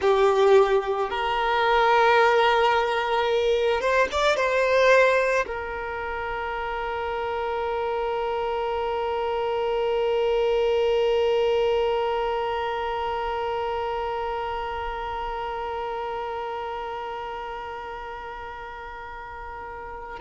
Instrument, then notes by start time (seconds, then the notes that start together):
violin
0.00 G4
1.10 A#4
3.80 C5
4.12 D5
4.36 C5
5.46 A#4